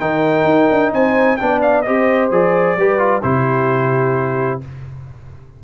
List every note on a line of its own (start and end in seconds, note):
0.00 0.44 D#3
0.00 1.38 D#4
0.00 0.93 A#4
0.00 0.93 G5
0.44 0.67 D#4
0.71 0.92 D4
0.92 1.39 C4
0.92 1.39 C5
0.92 1.37 G#5
1.37 1.88 B3
1.37 1.85 D4
1.37 1.86 D5
1.37 1.60 G5
1.62 1.82 F5
1.82 2.31 C4
1.82 2.31 G4
1.82 2.78 C5
1.82 2.28 D#5
2.31 2.77 F3
2.31 2.77 G#4
2.31 3.22 D5
2.77 3.23 G3
2.77 2.99 G4
2.77 3.25 B4
2.99 3.22 F4
3.22 4.62 C3
3.22 4.61 E4
3.22 4.63 G4
3.22 4.61 C5